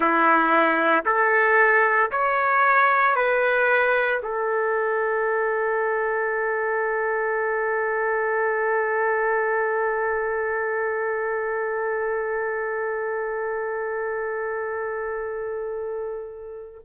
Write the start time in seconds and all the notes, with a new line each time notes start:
0.00 E4
1.05 A4
2.11 C#5
3.15 B4
4.22 A4